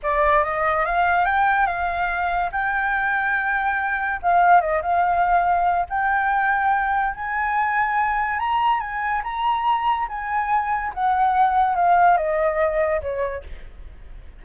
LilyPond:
\new Staff \with { instrumentName = "flute" } { \time 4/4 \tempo 4 = 143 d''4 dis''4 f''4 g''4 | f''2 g''2~ | g''2 f''4 dis''8 f''8~ | f''2 g''2~ |
g''4 gis''2. | ais''4 gis''4 ais''2 | gis''2 fis''2 | f''4 dis''2 cis''4 | }